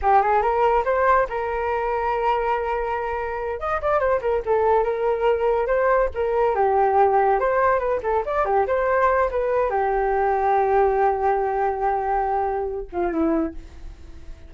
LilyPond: \new Staff \with { instrumentName = "flute" } { \time 4/4 \tempo 4 = 142 g'8 gis'8 ais'4 c''4 ais'4~ | ais'1~ | ais'8 dis''8 d''8 c''8 ais'8 a'4 ais'8~ | ais'4. c''4 ais'4 g'8~ |
g'4. c''4 b'8 a'8 d''8 | g'8 c''4. b'4 g'4~ | g'1~ | g'2~ g'8 f'8 e'4 | }